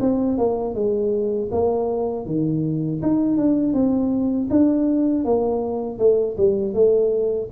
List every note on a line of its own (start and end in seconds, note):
0.00 0.38 C4
0.38 0.75 A#3
0.75 1.50 G#3
1.51 2.26 A#3
2.26 3.01 D#3
3.02 3.37 D#4
3.37 3.73 D4
3.73 4.48 C4
4.50 5.24 D4
5.24 5.98 A#3
5.98 6.36 A3
6.37 6.74 G3
6.74 7.49 A3